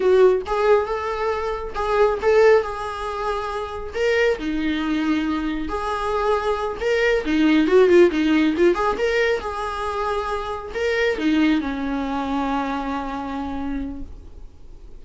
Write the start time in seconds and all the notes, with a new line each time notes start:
0.00 F#4
0.46 G#4
0.86 A4
1.75 G#4
2.21 A4
2.62 G#4
3.94 A#4
4.38 D#4
5.68 G#4
6.80 A#4
7.25 D#4
7.67 F#4
7.88 F4
8.11 D#4
8.57 F4
8.75 G#4
8.98 A#4
9.40 G#4
10.74 A#4
11.18 D#4
11.61 C#4